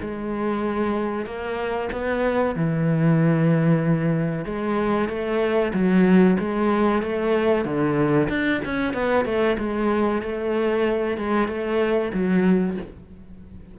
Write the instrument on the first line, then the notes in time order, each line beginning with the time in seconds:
cello
0.00 G#3
1.25 A#3
1.91 B3
2.55 E3
4.45 G#3
5.08 A3
5.73 F#3
6.39 G#3
7.02 A3
7.65 D3
8.29 D4
8.64 C#4
8.93 B3
9.25 A3
9.58 G#3
10.22 A3
11.17 G#3
11.47 A3
12.13 F#3